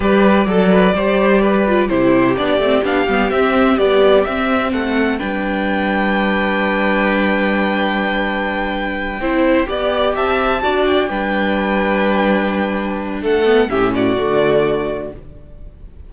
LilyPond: <<
  \new Staff \with { instrumentName = "violin" } { \time 4/4 \tempo 4 = 127 d''1 | c''4 d''4 f''4 e''4 | d''4 e''4 fis''4 g''4~ | g''1~ |
g''1~ | g''4. a''4. g''4~ | g''1 | fis''4 e''8 d''2~ d''8 | }
  \new Staff \with { instrumentName = "violin" } { \time 4/4 b'4 a'8 b'8 c''4 b'4 | g'1~ | g'2 a'4 b'4~ | b'1~ |
b'2.~ b'8 c''8~ | c''8 d''4 e''4 d''4 b'8~ | b'1 | a'4 g'8 fis'2~ fis'8 | }
  \new Staff \with { instrumentName = "viola" } { \time 4/4 g'4 a'4 g'4. f'8 | e'4 d'8 c'8 d'8 b8 c'4 | g4 c'2 d'4~ | d'1~ |
d'2.~ d'8 e'8~ | e'8 g'2 fis'4 d'8~ | d'1~ | d'8 b8 cis'4 a2 | }
  \new Staff \with { instrumentName = "cello" } { \time 4/4 g4 fis4 g2 | c4 b8 a8 b8 g8 c'4 | b4 c'4 a4 g4~ | g1~ |
g2.~ g8 c'8~ | c'8 b4 c'4 d'4 g8~ | g1 | a4 a,4 d2 | }
>>